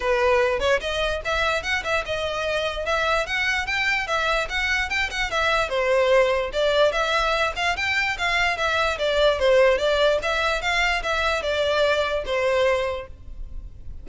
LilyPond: \new Staff \with { instrumentName = "violin" } { \time 4/4 \tempo 4 = 147 b'4. cis''8 dis''4 e''4 | fis''8 e''8 dis''2 e''4 | fis''4 g''4 e''4 fis''4 | g''8 fis''8 e''4 c''2 |
d''4 e''4. f''8 g''4 | f''4 e''4 d''4 c''4 | d''4 e''4 f''4 e''4 | d''2 c''2 | }